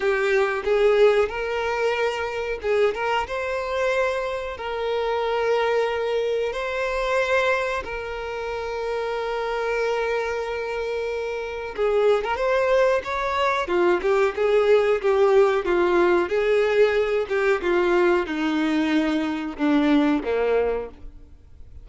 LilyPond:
\new Staff \with { instrumentName = "violin" } { \time 4/4 \tempo 4 = 92 g'4 gis'4 ais'2 | gis'8 ais'8 c''2 ais'4~ | ais'2 c''2 | ais'1~ |
ais'2 gis'8. ais'16 c''4 | cis''4 f'8 g'8 gis'4 g'4 | f'4 gis'4. g'8 f'4 | dis'2 d'4 ais4 | }